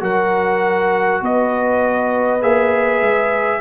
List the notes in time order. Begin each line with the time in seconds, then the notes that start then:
0.00 F#3 F#4 A#4 F#5
1.22 B3 B4 D#5
2.42 A#3 G#4 E5
3.01 G#3